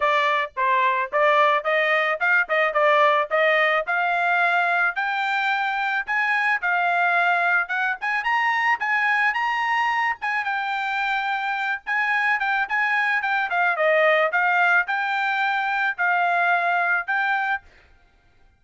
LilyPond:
\new Staff \with { instrumentName = "trumpet" } { \time 4/4 \tempo 4 = 109 d''4 c''4 d''4 dis''4 | f''8 dis''8 d''4 dis''4 f''4~ | f''4 g''2 gis''4 | f''2 fis''8 gis''8 ais''4 |
gis''4 ais''4. gis''8 g''4~ | g''4. gis''4 g''8 gis''4 | g''8 f''8 dis''4 f''4 g''4~ | g''4 f''2 g''4 | }